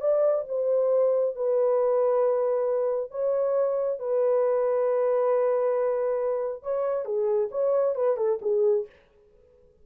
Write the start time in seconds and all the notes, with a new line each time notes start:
0.00 D5
0.48 C5
1.35 B4
3.11 C#5
3.99 B4
6.63 C#5
7.05 G#4
7.51 C#5
7.95 B4
8.17 A4
8.42 G#4